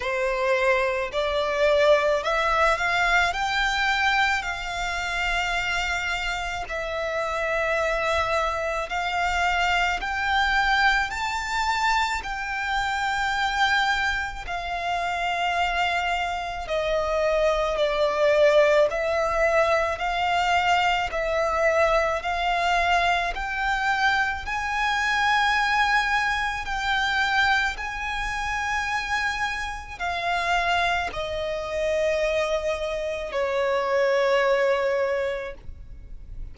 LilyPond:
\new Staff \with { instrumentName = "violin" } { \time 4/4 \tempo 4 = 54 c''4 d''4 e''8 f''8 g''4 | f''2 e''2 | f''4 g''4 a''4 g''4~ | g''4 f''2 dis''4 |
d''4 e''4 f''4 e''4 | f''4 g''4 gis''2 | g''4 gis''2 f''4 | dis''2 cis''2 | }